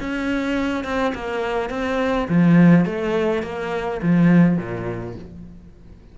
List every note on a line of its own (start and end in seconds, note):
0.00 0.84 C#4
0.84 1.13 C4
1.15 1.70 A#3
1.70 2.28 C4
2.29 2.85 F3
2.85 3.43 A3
3.43 4.01 A#3
4.02 4.57 F3
4.57 5.15 A#2